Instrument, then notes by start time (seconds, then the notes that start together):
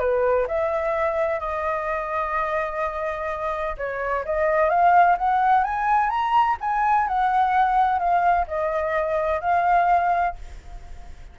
flute
0.00 B4
0.48 E5
1.40 D#5
3.78 C#5
4.25 D#5
4.70 F5
5.18 F#5
5.64 G#5
6.10 A#5
6.61 G#5
7.08 F#5
7.99 F5
8.48 D#5
9.41 F5